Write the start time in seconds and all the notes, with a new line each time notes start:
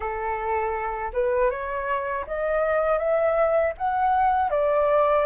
0.00 A4
1.13 B4
1.50 C#5
2.27 D#5
2.98 E5
3.77 F#5
4.50 D5